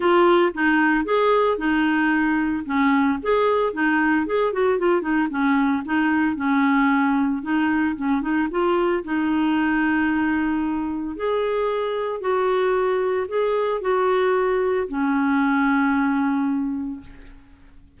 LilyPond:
\new Staff \with { instrumentName = "clarinet" } { \time 4/4 \tempo 4 = 113 f'4 dis'4 gis'4 dis'4~ | dis'4 cis'4 gis'4 dis'4 | gis'8 fis'8 f'8 dis'8 cis'4 dis'4 | cis'2 dis'4 cis'8 dis'8 |
f'4 dis'2.~ | dis'4 gis'2 fis'4~ | fis'4 gis'4 fis'2 | cis'1 | }